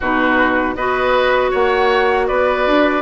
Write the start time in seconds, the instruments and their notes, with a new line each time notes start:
0.00 bassoon B2, clarinet D#4, oboe F#4, flute B4
0.75 bassoon B3, clarinet F#4, oboe B4, flute D#5
1.50 bassoon A#3, oboe C#5, flute F#5
2.27 bassoon B3, oboe B4, flute D5
2.66 bassoon D4